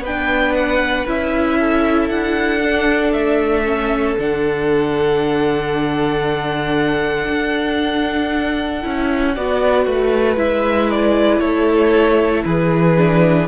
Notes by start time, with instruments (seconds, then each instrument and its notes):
0.00 cello B3, violin B4 G5
0.07 viola D4
0.54 violin F#5
1.07 cello C#4, viola E4, violin E5
1.59 violin A4
2.09 cello D4, violin F#5
2.62 viola D4
3.13 cello A3, violin E5
3.65 viola C#4
4.19 cello D3, viola D4, violin F#5
7.29 cello D4
8.82 cello C#4, viola E4
9.35 cello B3, viola F#4, violin D5
9.86 cello A3, violin B4
10.37 cello G#3, viola E4, violin E5
10.91 violin D5
11.39 cello A3, violin A4 C#5
12.45 cello E3, violin G#4 B4
12.98 viola D4